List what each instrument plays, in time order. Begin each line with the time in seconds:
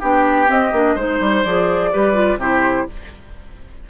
0.00 bassoon B3, clarinet D4, oboe G4, flute G5
0.47 clarinet C4, bassoon C4, flute D#5
0.73 bassoon A#3, clarinet D4
0.95 bassoon G#3, clarinet D#4, oboe C5, flute C5
1.21 bassoon G3
1.44 bassoon F3, clarinet G#4, flute D5
1.93 bassoon G3, clarinet G4, oboe B4
2.14 clarinet F4
2.37 bassoon C3, clarinet E4, oboe G4, flute C5